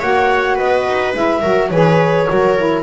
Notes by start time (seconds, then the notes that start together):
0.00 A#3 F#4 C#5 F#5
0.55 B3 B4 D#5
0.89 D#4
1.14 G#3 E4 E5
1.41 F#3 F#4 A#4
1.71 E3 G#4 B4 C#5
2.28 F#3 F#4 A#4
2.57 E4